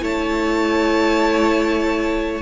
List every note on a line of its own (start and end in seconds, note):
0.00 2.41 A3
0.00 2.41 E4
0.00 2.41 C#5
0.00 2.41 A5